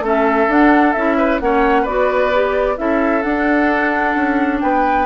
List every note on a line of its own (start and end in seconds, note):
0.00 0.46 A3
0.00 0.49 C#4
0.00 1.17 A4
0.07 0.52 E5
0.48 0.94 D4
0.48 0.95 D4
0.48 0.93 F#5
0.93 1.41 C#4
0.93 1.41 E4
0.93 1.39 E5
1.17 1.40 B4
1.40 1.86 A#3
1.40 1.87 C#4
1.40 1.82 C#5
1.40 1.86 F#5
1.82 2.78 B3
1.82 2.33 F#4
1.82 2.74 B4
1.82 2.77 D5
2.34 2.77 G4
2.77 3.24 C#4
2.77 3.22 E4
2.77 4.63 A4
2.77 3.22 E5
3.22 4.15 D4
3.22 5.06 D4
3.22 4.60 F#5
4.15 4.61 C#4
4.60 5.06 B3
4.60 5.06 B4
4.60 5.06 G5